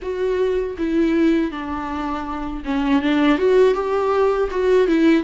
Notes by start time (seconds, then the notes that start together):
0.02 F#4
0.78 E4
1.51 D4
2.65 C#4
3.02 D4
3.38 F#4
3.74 G4
4.50 F#4
4.87 E4